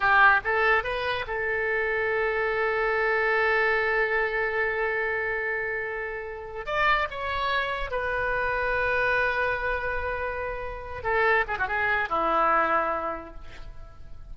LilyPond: \new Staff \with { instrumentName = "oboe" } { \time 4/4 \tempo 4 = 144 g'4 a'4 b'4 a'4~ | a'1~ | a'1~ | a'1 |
d''4 cis''2 b'4~ | b'1~ | b'2~ b'8 a'4 gis'16 fis'16 | gis'4 e'2. | }